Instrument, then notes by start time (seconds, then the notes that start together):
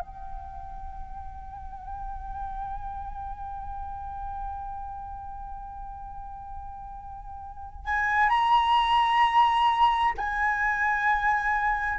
flute
0.00 G5
7.85 G#5
8.29 A#5
10.17 G#5